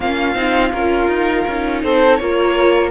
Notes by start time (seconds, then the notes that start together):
0.00 A#3 C#4 F4 F5
0.34 C4 D#4
0.72 C#4 F4 A#4
1.07 D#4
1.47 C#4 D#4
1.83 C4 A4 C5
2.16 A#3 F4 A#4 C#5